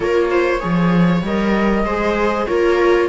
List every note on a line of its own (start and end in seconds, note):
0.00 0.62 A#3
0.00 0.59 F4
0.00 0.28 A#4
0.00 1.22 C#5
0.31 0.60 C5
0.59 1.22 F3
0.59 1.21 G#4
0.59 1.84 C#5
1.22 1.84 G3
1.22 1.86 A#4
1.22 2.46 D#5
1.84 2.45 G#3
1.84 2.47 G#4
1.84 2.47 C5
2.46 3.08 A#3
2.46 3.08 F4
2.46 3.08 A#4
2.46 3.08 C#5